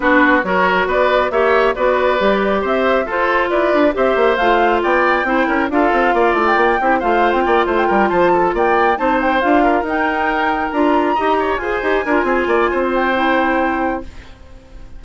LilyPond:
<<
  \new Staff \with { instrumentName = "flute" } { \time 4/4 \tempo 4 = 137 b'4 cis''4 d''4 e''4 | d''2 e''4 c''4 | d''4 e''4 f''4 g''4~ | g''4 f''4. e'16 g''4~ g''16 |
f''8. g''8. e'16 g''8. a''4 g''8~ | g''8 a''8 g''8 f''4 g''4.~ | g''8 ais''2 gis''4.~ | gis''4. g''2~ g''8 | }
  \new Staff \with { instrumentName = "oboe" } { \time 4/4 fis'4 ais'4 b'4 cis''4 | b'2 c''4 a'4 | b'4 c''2 d''4 | c''8 ais'8 a'4 d''4. g'8 |
c''4 d''8 c''8 ais'8 c''8 a'8 d''8~ | d''8 c''4. ais'2~ | ais'4. dis''8 cis''8 c''4 ais'8 | gis'8 d''8 c''2. | }
  \new Staff \with { instrumentName = "clarinet" } { \time 4/4 d'4 fis'2 g'4 | fis'4 g'2 f'4~ | f'4 g'4 f'2 | e'4 f'2~ f'8 e'8 |
f'1~ | f'8 dis'4 f'4 dis'4.~ | dis'8 f'4 g'4 gis'8 g'8 f'8~ | f'2 e'2 | }
  \new Staff \with { instrumentName = "bassoon" } { \time 4/4 b4 fis4 b4 ais4 | b4 g4 c'4 f'4 | e'8 d'8 c'8 ais8 a4 b4 | c'8 cis'8 d'8 c'8 ais8 a8 ais8 c'8 |
a8. c'16 ais8 a8 g8 f4 ais8~ | ais8 c'4 d'4 dis'4.~ | dis'8 d'4 dis'4 f'8 dis'8 d'8 | c'8 ais8 c'2. | }
>>